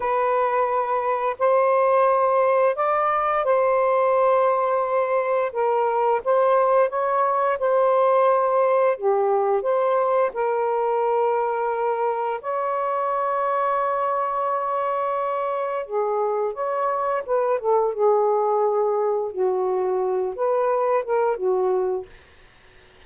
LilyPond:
\new Staff \with { instrumentName = "saxophone" } { \time 4/4 \tempo 4 = 87 b'2 c''2 | d''4 c''2. | ais'4 c''4 cis''4 c''4~ | c''4 g'4 c''4 ais'4~ |
ais'2 cis''2~ | cis''2. gis'4 | cis''4 b'8 a'8 gis'2 | fis'4. b'4 ais'8 fis'4 | }